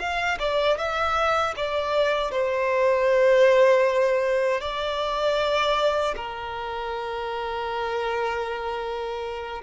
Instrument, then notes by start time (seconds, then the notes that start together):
violin
0.00 F5
0.40 D5
0.78 E5
1.57 D5
2.31 C5
4.61 D5
6.16 A#4